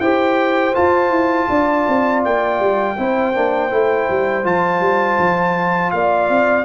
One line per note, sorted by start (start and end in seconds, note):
0.00 0.74 E4
0.00 0.74 G4
0.00 1.50 C5
0.00 0.75 G5
0.74 2.96 F4
0.74 1.10 F4
0.74 2.23 A5
1.10 1.48 E4
1.50 1.87 D4
1.50 2.98 D5
1.88 2.25 C4
2.25 2.60 A#3
2.25 4.46 G5
2.60 2.97 G3
2.97 3.36 C4
2.97 3.34 E4
2.97 5.94 C5
3.35 3.71 A#3
3.35 3.71 D4
3.71 4.08 A3
3.71 4.44 E4
4.10 4.45 G3
4.44 4.80 F3
4.44 6.66 F4
4.44 5.91 A5
4.80 5.17 G3
5.19 5.93 F3
5.91 6.30 A#3
5.91 6.66 D5
5.91 6.65 F5
6.30 6.66 C4